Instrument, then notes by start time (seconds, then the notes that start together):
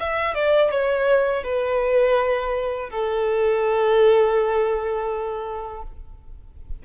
violin
0.00 E5
0.35 D5
0.72 C#5
1.44 B4
2.91 A4